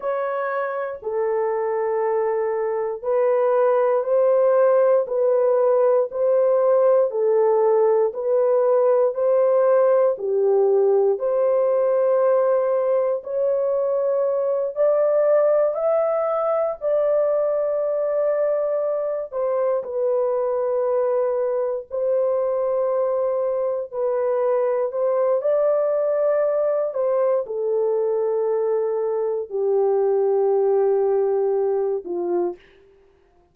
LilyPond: \new Staff \with { instrumentName = "horn" } { \time 4/4 \tempo 4 = 59 cis''4 a'2 b'4 | c''4 b'4 c''4 a'4 | b'4 c''4 g'4 c''4~ | c''4 cis''4. d''4 e''8~ |
e''8 d''2~ d''8 c''8 b'8~ | b'4. c''2 b'8~ | b'8 c''8 d''4. c''8 a'4~ | a'4 g'2~ g'8 f'8 | }